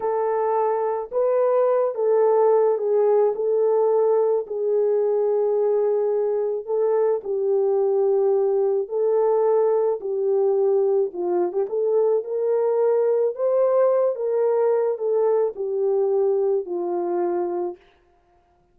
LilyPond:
\new Staff \with { instrumentName = "horn" } { \time 4/4 \tempo 4 = 108 a'2 b'4. a'8~ | a'4 gis'4 a'2 | gis'1 | a'4 g'2. |
a'2 g'2 | f'8. g'16 a'4 ais'2 | c''4. ais'4. a'4 | g'2 f'2 | }